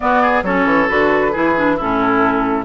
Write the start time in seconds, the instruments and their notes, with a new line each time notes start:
0.00 clarinet B3, bassoon B3, oboe F#4, flute D5
0.22 oboe G#4
0.43 bassoon F#3, clarinet C#4, oboe A4, flute C#5
0.65 bassoon E3
0.88 bassoon D3, clarinet F#4, flute B4
1.32 bassoon E3, clarinet E4, oboe G#4
1.56 clarinet D4
1.76 bassoon A2, clarinet C#4, oboe E4, flute A4